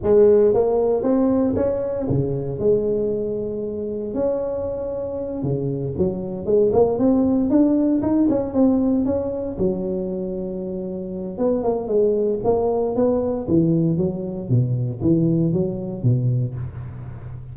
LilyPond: \new Staff \with { instrumentName = "tuba" } { \time 4/4 \tempo 4 = 116 gis4 ais4 c'4 cis'4 | cis4 gis2. | cis'2~ cis'8 cis4 fis8~ | fis8 gis8 ais8 c'4 d'4 dis'8 |
cis'8 c'4 cis'4 fis4.~ | fis2 b8 ais8 gis4 | ais4 b4 e4 fis4 | b,4 e4 fis4 b,4 | }